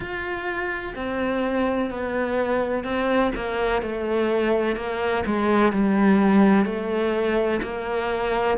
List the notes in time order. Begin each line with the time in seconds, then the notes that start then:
0.00 F4
0.95 C4
1.90 B3
2.84 C4
3.35 A#3
3.82 A3
4.76 A#3
5.26 G#3
5.72 G3
6.65 A3
7.62 A#3